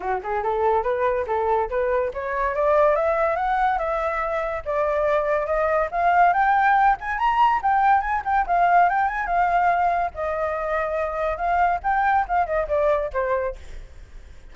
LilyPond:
\new Staff \with { instrumentName = "flute" } { \time 4/4 \tempo 4 = 142 fis'8 gis'8 a'4 b'4 a'4 | b'4 cis''4 d''4 e''4 | fis''4 e''2 d''4~ | d''4 dis''4 f''4 g''4~ |
g''8 gis''8 ais''4 g''4 gis''8 g''8 | f''4 g''8 gis''8 f''2 | dis''2. f''4 | g''4 f''8 dis''8 d''4 c''4 | }